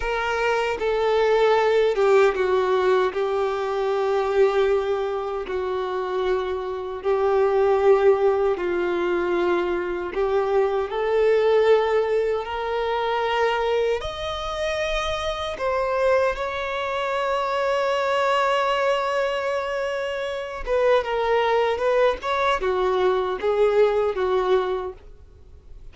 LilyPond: \new Staff \with { instrumentName = "violin" } { \time 4/4 \tempo 4 = 77 ais'4 a'4. g'8 fis'4 | g'2. fis'4~ | fis'4 g'2 f'4~ | f'4 g'4 a'2 |
ais'2 dis''2 | c''4 cis''2.~ | cis''2~ cis''8 b'8 ais'4 | b'8 cis''8 fis'4 gis'4 fis'4 | }